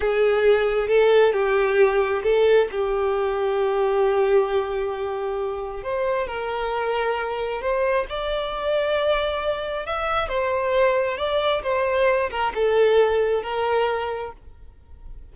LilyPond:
\new Staff \with { instrumentName = "violin" } { \time 4/4 \tempo 4 = 134 gis'2 a'4 g'4~ | g'4 a'4 g'2~ | g'1~ | g'4 c''4 ais'2~ |
ais'4 c''4 d''2~ | d''2 e''4 c''4~ | c''4 d''4 c''4. ais'8 | a'2 ais'2 | }